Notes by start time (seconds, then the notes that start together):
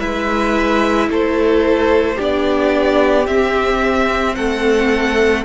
0.00 G#3 E4 B4 E5
1.09 A3 A4 C5
2.16 B3 D4 G4 D5
3.27 C4 E5
4.35 A3 A4 F#5